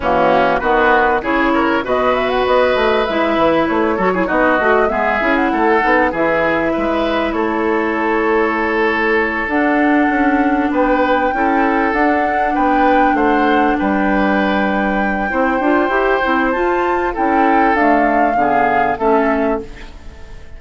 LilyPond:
<<
  \new Staff \with { instrumentName = "flute" } { \time 4/4 \tempo 4 = 98 fis'4 b'4 cis''4 dis''8 e''16 fis''16 | dis''4 e''4 cis''4 dis''4 | e''8. fis''4~ fis''16 e''2 | cis''2.~ cis''8 fis''8~ |
fis''4. g''2 fis''8~ | fis''8 g''4 fis''4 g''4.~ | g''2. a''4 | g''4 f''2 e''4 | }
  \new Staff \with { instrumentName = "oboe" } { \time 4/4 cis'4 fis'4 gis'8 ais'8 b'4~ | b'2~ b'8 a'16 gis'16 fis'4 | gis'4 a'4 gis'4 b'4 | a'1~ |
a'4. b'4 a'4.~ | a'8 b'4 c''4 b'4.~ | b'4 c''2. | a'2 gis'4 a'4 | }
  \new Staff \with { instrumentName = "clarinet" } { \time 4/4 ais4 b4 e'4 fis'4~ | fis'4 e'4. fis'16 e'16 dis'8 fis'8 | b8 e'4 dis'8 e'2~ | e'2.~ e'8 d'8~ |
d'2~ d'8 e'4 d'8~ | d'1~ | d'4 e'8 f'8 g'8 e'8 f'4 | e'4 a4 b4 cis'4 | }
  \new Staff \with { instrumentName = "bassoon" } { \time 4/4 e4 dis4 cis4 b,4 | b8 a8 gis8 e8 a8 fis8 b8 a8 | gis8 cis'8 a8 b8 e4 gis4 | a2.~ a8 d'8~ |
d'8 cis'4 b4 cis'4 d'8~ | d'8 b4 a4 g4.~ | g4 c'8 d'8 e'8 c'8 f'4 | cis'4 d'4 d4 a4 | }
>>